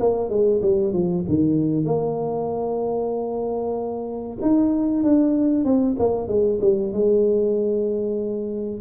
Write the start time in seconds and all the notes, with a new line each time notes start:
0.00 A#3
0.29 G#3
0.62 G3
0.93 F3
1.28 D#3
1.85 A#3
4.41 D#4
5.03 D4
5.65 C4
5.99 A#3
6.28 G#3
6.61 G3
6.92 G#3